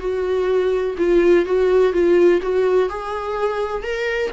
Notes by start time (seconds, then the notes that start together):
0.00 F#4
0.98 F4
1.46 F#4
1.93 F4
2.42 F#4
2.90 G#4
3.83 A#4